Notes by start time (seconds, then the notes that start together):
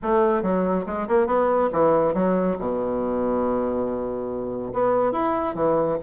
0.02 A3
0.42 F#3
0.86 G#3
1.08 A#3
1.26 B3
1.72 E3
2.14 F#3
2.58 B2
4.73 B3
5.12 E4
5.54 E3